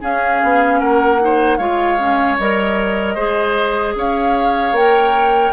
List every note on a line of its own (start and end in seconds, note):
0.00 1.19 C#4
0.00 0.42 C#4
0.00 0.79 G#4
0.00 0.79 F5
0.43 0.81 B3
0.79 1.59 A#3
0.79 1.19 A#4
0.79 1.57 F#5
1.19 1.59 D#4
1.19 1.57 C5
1.57 2.37 G#3
1.57 1.99 F4
1.57 3.14 C#5
1.57 2.36 F5
1.99 2.38 C#4
2.38 3.16 G3
2.38 3.17 A#4
2.38 3.96 D#5
3.14 3.95 G#3
3.14 4.75 G#4
3.14 3.93 C5
3.95 4.72 C#4
3.95 5.52 C#5
3.95 4.76 F5
4.72 5.50 A#3
4.72 5.52 A#4
4.72 5.52 G5